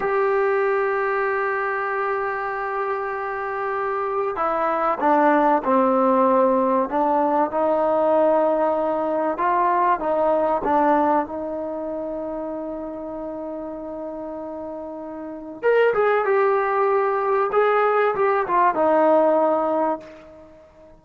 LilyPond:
\new Staff \with { instrumentName = "trombone" } { \time 4/4 \tempo 4 = 96 g'1~ | g'2. e'4 | d'4 c'2 d'4 | dis'2. f'4 |
dis'4 d'4 dis'2~ | dis'1~ | dis'4 ais'8 gis'8 g'2 | gis'4 g'8 f'8 dis'2 | }